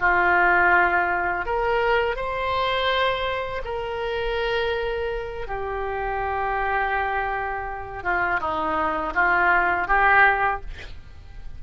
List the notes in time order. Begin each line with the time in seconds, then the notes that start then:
0.00 F4
1.46 A#4
2.16 C5
3.65 A#4
5.47 G4
8.04 F4
8.40 D#4
9.15 F4
9.88 G4